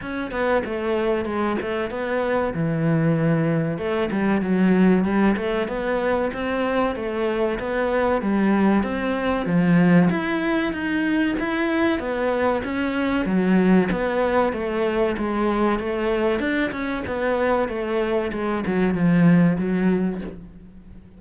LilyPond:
\new Staff \with { instrumentName = "cello" } { \time 4/4 \tempo 4 = 95 cis'8 b8 a4 gis8 a8 b4 | e2 a8 g8 fis4 | g8 a8 b4 c'4 a4 | b4 g4 c'4 f4 |
e'4 dis'4 e'4 b4 | cis'4 fis4 b4 a4 | gis4 a4 d'8 cis'8 b4 | a4 gis8 fis8 f4 fis4 | }